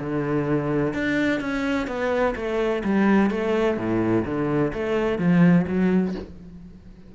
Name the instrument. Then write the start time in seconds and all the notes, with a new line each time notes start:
cello
0.00 D3
0.94 D4
1.41 C#4
1.87 B3
2.36 A3
2.84 G3
3.31 A3
3.77 A2
4.25 D3
4.74 A3
5.19 F3
5.68 F#3